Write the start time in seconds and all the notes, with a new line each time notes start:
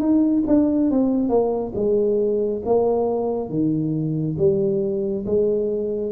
0.00 D#4
0.47 D4
0.91 C4
1.29 A#3
1.75 G#3
2.65 A#3
3.49 D#3
4.38 G3
5.26 G#3